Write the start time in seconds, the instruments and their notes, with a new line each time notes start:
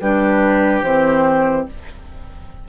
0.00 bassoon G3, clarinet D4, oboe G4, flute B4
0.82 bassoon E3, clarinet C4, flute C5